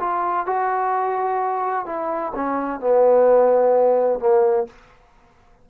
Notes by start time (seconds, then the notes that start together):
0.00 F4
0.46 F#4
1.86 E4
2.35 C#4
2.80 B3
4.20 A#3